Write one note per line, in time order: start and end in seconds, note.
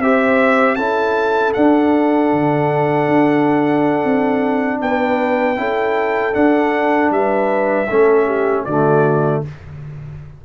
0.00 0.77 C4
0.00 0.79 G4
0.00 0.77 C5
0.00 0.76 E5
0.76 1.54 C#4
0.76 1.55 E4
0.76 4.80 A4
0.76 1.53 A5
1.54 5.57 D4
1.54 2.33 D4
1.54 4.81 F#5
2.33 3.08 D3
3.08 4.05 D4
4.05 4.82 C4
4.82 5.57 B3
4.82 5.60 B4
4.82 6.35 G5
5.57 6.34 C#4
5.57 6.33 E4
5.57 7.14 A4
6.33 7.87 D4
6.33 7.11 D4
6.33 7.12 F#5
7.11 7.87 G3
7.11 7.90 B4
7.11 8.65 E5
7.90 8.67 A3
7.90 8.68 C#4
7.90 8.26 A4
8.26 8.65 G4
8.65 9.43 D3
8.65 9.46 A3
8.65 9.44 F#4
8.65 9.42 D5